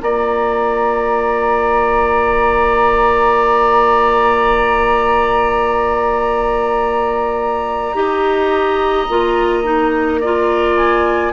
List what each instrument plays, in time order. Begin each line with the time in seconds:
0.00 bassoon A#3, clarinet F4, oboe D5, flute A#5
7.94 bassoon D#4, clarinet G4, oboe D#5
9.09 bassoon A#3, clarinet F4
9.64 clarinet D#4
10.20 clarinet F4, oboe D5
10.77 flute G#5